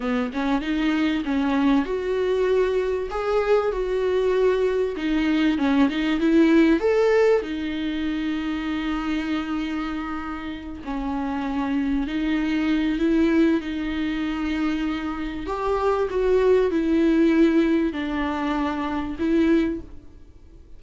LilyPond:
\new Staff \with { instrumentName = "viola" } { \time 4/4 \tempo 4 = 97 b8 cis'8 dis'4 cis'4 fis'4~ | fis'4 gis'4 fis'2 | dis'4 cis'8 dis'8 e'4 a'4 | dis'1~ |
dis'4. cis'2 dis'8~ | dis'4 e'4 dis'2~ | dis'4 g'4 fis'4 e'4~ | e'4 d'2 e'4 | }